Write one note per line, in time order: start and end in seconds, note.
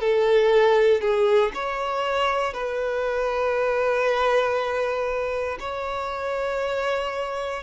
0.00 1.01 A4
1.01 1.52 G#4
1.54 2.53 C#5
2.53 5.58 B4
5.60 7.63 C#5